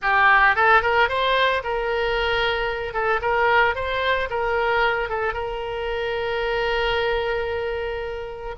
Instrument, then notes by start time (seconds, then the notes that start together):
oboe
0.01 G4
0.55 A4
0.82 A#4
1.08 C5
1.63 A#4
2.93 A4
3.21 A#4
3.75 C5
4.30 A#4
5.09 A4
5.33 A#4